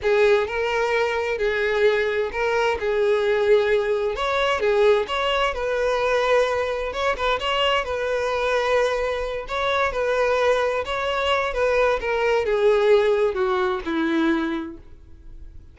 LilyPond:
\new Staff \with { instrumentName = "violin" } { \time 4/4 \tempo 4 = 130 gis'4 ais'2 gis'4~ | gis'4 ais'4 gis'2~ | gis'4 cis''4 gis'4 cis''4 | b'2. cis''8 b'8 |
cis''4 b'2.~ | b'8 cis''4 b'2 cis''8~ | cis''4 b'4 ais'4 gis'4~ | gis'4 fis'4 e'2 | }